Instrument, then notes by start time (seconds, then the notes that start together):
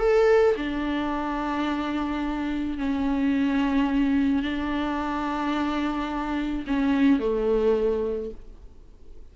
viola
0.00 A4
0.57 D4
2.78 C#4
4.43 D4
6.67 C#4
7.20 A3